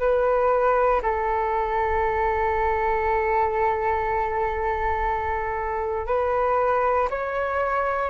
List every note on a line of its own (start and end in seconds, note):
0.00 1.02 B4
1.03 6.07 A4
6.07 7.09 B4
7.11 8.10 C#5